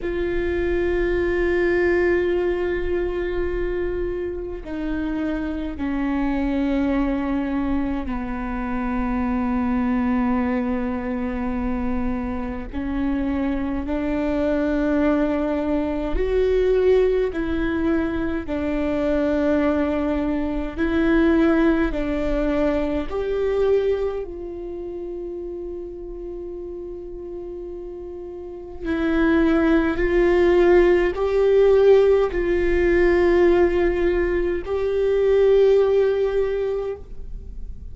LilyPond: \new Staff \with { instrumentName = "viola" } { \time 4/4 \tempo 4 = 52 f'1 | dis'4 cis'2 b4~ | b2. cis'4 | d'2 fis'4 e'4 |
d'2 e'4 d'4 | g'4 f'2.~ | f'4 e'4 f'4 g'4 | f'2 g'2 | }